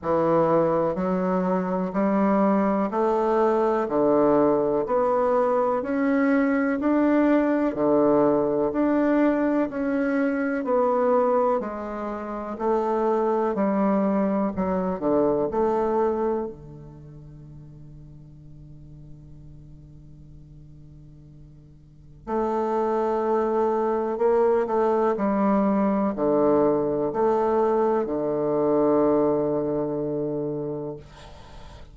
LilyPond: \new Staff \with { instrumentName = "bassoon" } { \time 4/4 \tempo 4 = 62 e4 fis4 g4 a4 | d4 b4 cis'4 d'4 | d4 d'4 cis'4 b4 | gis4 a4 g4 fis8 d8 |
a4 d2.~ | d2. a4~ | a4 ais8 a8 g4 d4 | a4 d2. | }